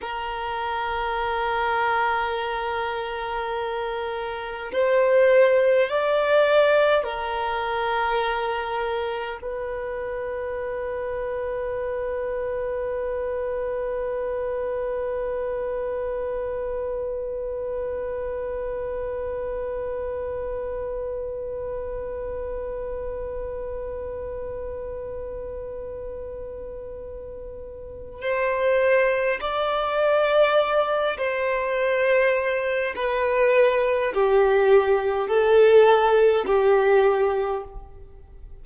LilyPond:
\new Staff \with { instrumentName = "violin" } { \time 4/4 \tempo 4 = 51 ais'1 | c''4 d''4 ais'2 | b'1~ | b'1~ |
b'1~ | b'1 | c''4 d''4. c''4. | b'4 g'4 a'4 g'4 | }